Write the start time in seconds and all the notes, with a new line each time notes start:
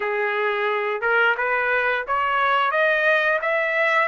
0.00 G#4
1.01 A#4
1.37 B4
2.07 C#5
2.71 D#5
3.41 E5